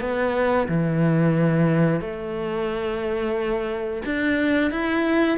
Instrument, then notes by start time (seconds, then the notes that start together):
cello
0.00 B3
0.68 E3
2.00 A3
4.05 D4
4.71 E4